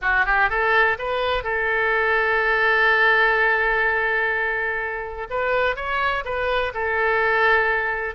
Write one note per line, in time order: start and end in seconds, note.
0.01 0.25 F#4
0.25 0.49 G4
0.49 0.97 A4
0.98 1.43 B4
1.43 5.27 A4
5.30 5.76 B4
5.76 6.24 C#5
6.24 6.72 B4
6.74 8.15 A4